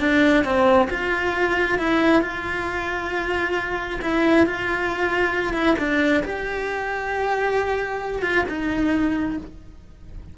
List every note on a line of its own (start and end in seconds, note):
0.00 0.44 D4
0.44 0.89 C4
0.90 1.79 F4
1.79 2.22 E4
2.22 4.00 F4
4.02 4.46 E4
4.46 5.53 F4
5.53 5.76 E4
5.79 6.23 D4
6.23 8.22 G4
8.22 8.45 F4
8.48 9.37 D#4